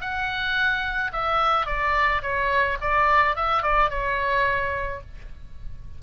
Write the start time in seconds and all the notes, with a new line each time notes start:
0.00 F#5
1.12 E5
1.66 D5
2.22 C#5
2.81 D5
3.35 E5
3.62 D5
3.89 C#5